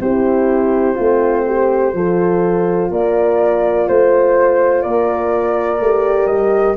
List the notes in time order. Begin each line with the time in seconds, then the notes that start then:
0.00 C4 E4 G4 C5
0.95 A3 C4 F4
1.46 G4
1.93 F3 F4 A4
2.90 A#3 A#4 D5
3.88 A3 C5
4.82 A#3 A#4 D5
5.80 A3 G4
6.26 G3 D#5